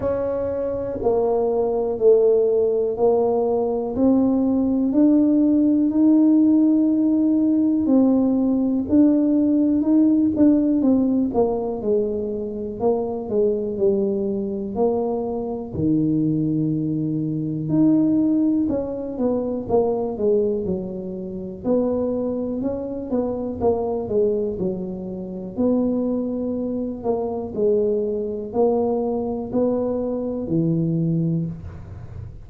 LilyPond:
\new Staff \with { instrumentName = "tuba" } { \time 4/4 \tempo 4 = 61 cis'4 ais4 a4 ais4 | c'4 d'4 dis'2 | c'4 d'4 dis'8 d'8 c'8 ais8 | gis4 ais8 gis8 g4 ais4 |
dis2 dis'4 cis'8 b8 | ais8 gis8 fis4 b4 cis'8 b8 | ais8 gis8 fis4 b4. ais8 | gis4 ais4 b4 e4 | }